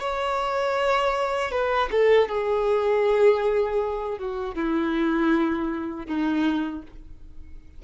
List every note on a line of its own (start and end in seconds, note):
0.00 1.51 C#5
1.51 1.89 B4
1.91 2.29 A4
2.29 4.18 G#4
4.19 4.55 F#4
4.55 6.07 E4
6.07 6.83 D#4